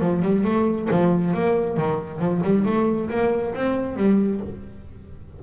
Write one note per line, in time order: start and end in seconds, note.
0.00 0.22 F3
0.22 0.44 G3
0.44 0.88 A3
0.90 1.34 F3
1.34 1.77 A#3
1.77 2.19 D#3
2.19 2.41 F3
2.43 2.65 G3
2.65 3.09 A3
3.10 3.54 A#3
3.54 3.96 C4
3.96 4.40 G3